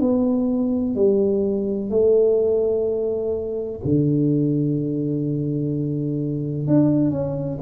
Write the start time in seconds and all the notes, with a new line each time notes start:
0.00 B3
0.95 G3
1.90 A3
3.85 D3
6.67 D4
7.11 C#4